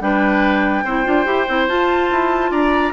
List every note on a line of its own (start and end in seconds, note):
0.00 0.84 G3
0.00 0.85 D4
0.00 0.84 B4
0.00 1.68 G5
0.84 1.06 C4
0.84 1.04 E4
0.84 2.51 C5
1.04 1.26 D4
1.04 1.25 F4
1.25 1.47 E4
1.25 1.46 G4
1.48 1.68 C4
1.48 1.69 E4
1.68 2.10 F4
1.68 2.93 F4
1.68 2.52 A5
2.11 2.51 E4
2.51 2.93 D4
2.51 2.93 D5
2.51 2.93 A#5